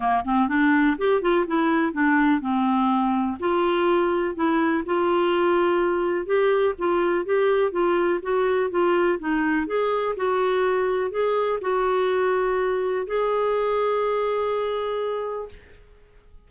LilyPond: \new Staff \with { instrumentName = "clarinet" } { \time 4/4 \tempo 4 = 124 ais8 c'8 d'4 g'8 f'8 e'4 | d'4 c'2 f'4~ | f'4 e'4 f'2~ | f'4 g'4 f'4 g'4 |
f'4 fis'4 f'4 dis'4 | gis'4 fis'2 gis'4 | fis'2. gis'4~ | gis'1 | }